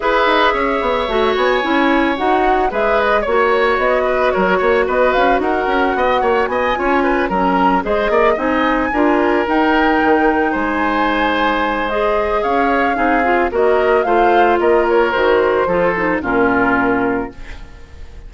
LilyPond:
<<
  \new Staff \with { instrumentName = "flute" } { \time 4/4 \tempo 4 = 111 e''2~ e''8 gis''4. | fis''4 e''8 dis''8 cis''4 dis''4 | cis''4 dis''8 f''8 fis''2 | gis''4. ais''4 dis''4 gis''8~ |
gis''4. g''2 gis''8~ | gis''2 dis''4 f''4~ | f''4 dis''4 f''4 dis''8 cis''8 | c''2 ais'2 | }
  \new Staff \with { instrumentName = "oboe" } { \time 4/4 b'4 cis''2.~ | cis''4 b'4 cis''4. b'8 | ais'8 cis''8 b'4 ais'4 dis''8 cis''8 | dis''8 cis''8 b'8 ais'4 c''8 d''8 dis''8~ |
dis''8 ais'2. c''8~ | c''2. cis''4 | gis'4 ais'4 c''4 ais'4~ | ais'4 a'4 f'2 | }
  \new Staff \with { instrumentName = "clarinet" } { \time 4/4 gis'2 fis'4 e'4 | fis'4 gis'4 fis'2~ | fis'1~ | fis'8 f'4 cis'4 gis'4 dis'8~ |
dis'8 f'4 dis'2~ dis'8~ | dis'2 gis'2 | dis'8 f'8 fis'4 f'2 | fis'4 f'8 dis'8 cis'2 | }
  \new Staff \with { instrumentName = "bassoon" } { \time 4/4 e'8 dis'8 cis'8 b8 a8 b8 cis'4 | dis'4 gis4 ais4 b4 | fis8 ais8 b8 cis'8 dis'8 cis'8 b8 ais8 | b8 cis'4 fis4 gis8 ais8 c'8~ |
c'8 d'4 dis'4 dis4 gis8~ | gis2. cis'4 | c'4 ais4 a4 ais4 | dis4 f4 ais,2 | }
>>